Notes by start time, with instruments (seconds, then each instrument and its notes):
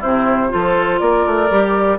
0.00 bassoon C3, clarinet C4, oboe E4, flute C5
0.49 bassoon F3, clarinet F4, oboe A4
0.99 bassoon A#3, oboe A#4, flute D5
1.26 bassoon A3
1.50 bassoon G3, clarinet G4